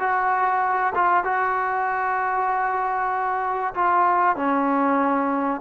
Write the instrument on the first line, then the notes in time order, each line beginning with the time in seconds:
trombone
0.00 F#4
0.95 F4
1.25 F#4
3.75 F4
4.37 C#4